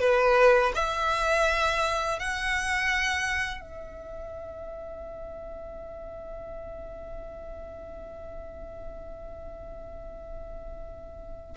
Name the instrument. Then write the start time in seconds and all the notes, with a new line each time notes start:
violin
0.00 B4
0.75 E5
2.19 F#5
3.61 E5